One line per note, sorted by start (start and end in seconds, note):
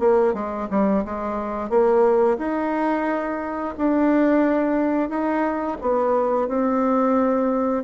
0.00 0.34 A#3
0.34 0.68 G#3
0.70 1.04 G3
1.05 1.70 G#3
1.70 2.38 A#3
2.38 3.74 D#4
3.78 5.09 D4
5.09 5.77 D#4
5.81 6.48 B3
6.48 7.84 C4